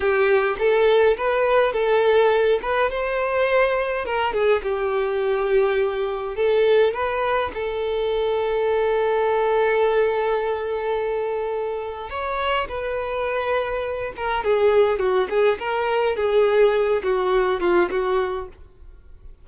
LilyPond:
\new Staff \with { instrumentName = "violin" } { \time 4/4 \tempo 4 = 104 g'4 a'4 b'4 a'4~ | a'8 b'8 c''2 ais'8 gis'8 | g'2. a'4 | b'4 a'2.~ |
a'1~ | a'4 cis''4 b'2~ | b'8 ais'8 gis'4 fis'8 gis'8 ais'4 | gis'4. fis'4 f'8 fis'4 | }